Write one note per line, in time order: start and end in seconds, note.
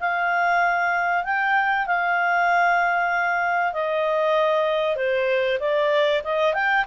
0.00 1.24 F5
1.24 1.87 G5
1.87 3.73 F5
3.73 4.96 D#5
4.96 5.59 C5
5.60 6.22 D5
6.24 6.54 D#5
6.54 6.85 G5